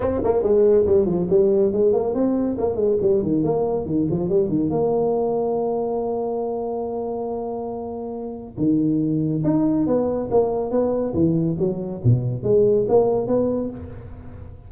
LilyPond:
\new Staff \with { instrumentName = "tuba" } { \time 4/4 \tempo 4 = 140 c'8 ais8 gis4 g8 f8 g4 | gis8 ais8 c'4 ais8 gis8 g8 dis8 | ais4 dis8 f8 g8 dis8 ais4~ | ais1~ |
ais1 | dis2 dis'4 b4 | ais4 b4 e4 fis4 | b,4 gis4 ais4 b4 | }